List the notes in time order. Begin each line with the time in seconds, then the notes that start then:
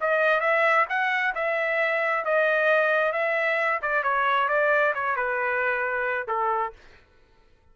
0.00 D#5
0.40 E5
0.89 F#5
1.34 E5
2.24 D#5
3.12 E5
3.82 D5
4.03 C#5
4.48 D5
4.94 C#5
5.16 B4
6.27 A4